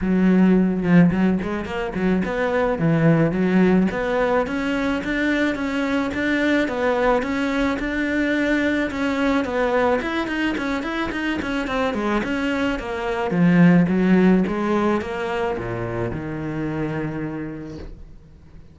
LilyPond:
\new Staff \with { instrumentName = "cello" } { \time 4/4 \tempo 4 = 108 fis4. f8 fis8 gis8 ais8 fis8 | b4 e4 fis4 b4 | cis'4 d'4 cis'4 d'4 | b4 cis'4 d'2 |
cis'4 b4 e'8 dis'8 cis'8 e'8 | dis'8 cis'8 c'8 gis8 cis'4 ais4 | f4 fis4 gis4 ais4 | ais,4 dis2. | }